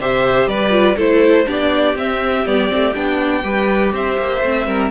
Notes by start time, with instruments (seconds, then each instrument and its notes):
0.00 cello C3, viola G4, violin C5 E5
0.47 cello G3, violin B4 D5
0.71 viola F4
0.96 cello A3, viola E4, violin A4 C5
1.46 cello B3, viola D4, violin G4 D5
1.95 cello C4, viola C4, violin E5
2.46 cello G3, viola B3, violin D5
2.69 cello A3, viola C4
2.95 cello B3, viola D4, violin G5
3.43 cello G3, viola G4, violin B4
3.93 cello C4, violin C5 E5
4.18 cello A#3
4.42 cello A3, viola C4
4.66 cello G3, violin A#4